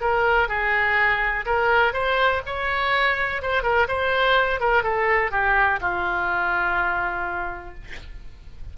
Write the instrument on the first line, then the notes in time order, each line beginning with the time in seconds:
oboe
0.00 A#4
0.48 G#4
1.45 A#4
1.93 C5
2.46 C#5
3.41 C5
3.62 A#4
3.88 C5
4.59 A#4
4.83 A4
5.31 G4
5.81 F4